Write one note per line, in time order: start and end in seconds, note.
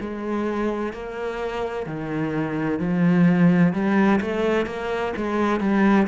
0.00 0.93 G#3
0.93 1.86 A#3
1.86 2.79 D#3
2.79 3.73 F3
3.73 4.20 G3
4.21 4.66 A3
4.66 5.13 A#3
5.16 5.60 G#3
5.60 6.07 G3